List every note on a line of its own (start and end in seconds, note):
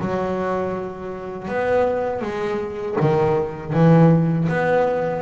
0.00 1.48 F#3
1.48 2.21 B3
2.21 2.96 G#3
3.00 3.73 D#3
3.73 4.48 E3
4.49 5.22 B3